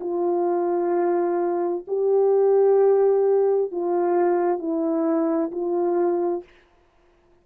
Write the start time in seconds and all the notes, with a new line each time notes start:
0.00 F4
1.87 G4
3.71 F4
4.58 E4
5.51 F4